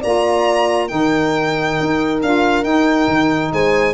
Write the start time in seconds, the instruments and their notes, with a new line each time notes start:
0.00 tuba A#3, saxophone F4, horn D5, violin A#5
0.88 tuba D#3, saxophone D#4, horn A#4, violin G5
1.80 tuba D#4
2.22 tuba D4, saxophone F4, violin F5
2.62 saxophone D#4, tuba D#4, violin G5
3.07 tuba D#3
3.52 tuba G#3, horn C5, violin G#5